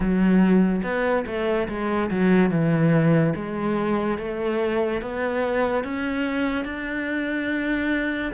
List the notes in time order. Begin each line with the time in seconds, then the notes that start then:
0.00 F#3
0.83 B3
1.26 A3
1.68 G#3
2.10 F#3
2.50 E3
3.35 G#3
4.18 A3
5.01 B3
5.83 C#4
6.64 D4